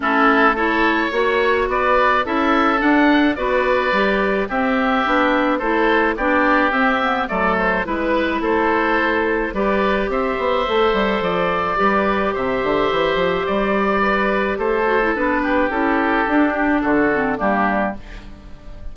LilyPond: <<
  \new Staff \with { instrumentName = "oboe" } { \time 4/4 \tempo 4 = 107 a'4 cis''2 d''4 | e''4 fis''4 d''2 | e''2 c''4 d''4 | e''4 d''8 c''8 b'4 c''4~ |
c''4 d''4 e''2 | d''2 e''2 | d''2 c''4 b'4 | a'4. g'8 a'4 g'4 | }
  \new Staff \with { instrumentName = "oboe" } { \time 4/4 e'4 a'4 cis''4 b'4 | a'2 b'2 | g'2 a'4 g'4~ | g'4 a'4 b'4 a'4~ |
a'4 b'4 c''2~ | c''4 b'4 c''2~ | c''4 b'4 a'4. g'8~ | g'2 fis'4 d'4 | }
  \new Staff \with { instrumentName = "clarinet" } { \time 4/4 cis'4 e'4 fis'2 | e'4 d'4 fis'4 g'4 | c'4 d'4 e'4 d'4 | c'8 b8 a4 e'2~ |
e'4 g'2 a'4~ | a'4 g'2.~ | g'2~ g'8 fis'16 e'16 d'4 | e'4 d'4. c'8 ais4 | }
  \new Staff \with { instrumentName = "bassoon" } { \time 4/4 a2 ais4 b4 | cis'4 d'4 b4 g4 | c'4 b4 a4 b4 | c'4 fis4 gis4 a4~ |
a4 g4 c'8 b8 a8 g8 | f4 g4 c8 d8 e8 f8 | g2 a4 b4 | cis'4 d'4 d4 g4 | }
>>